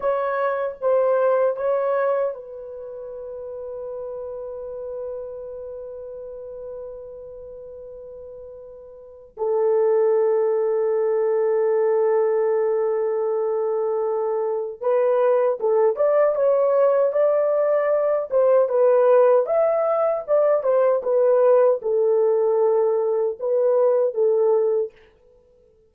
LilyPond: \new Staff \with { instrumentName = "horn" } { \time 4/4 \tempo 4 = 77 cis''4 c''4 cis''4 b'4~ | b'1~ | b'1 | a'1~ |
a'2. b'4 | a'8 d''8 cis''4 d''4. c''8 | b'4 e''4 d''8 c''8 b'4 | a'2 b'4 a'4 | }